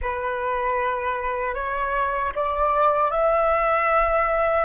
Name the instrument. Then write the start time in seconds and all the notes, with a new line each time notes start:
flute
0.01 B4
1.54 C#5
2.35 D5
3.10 E5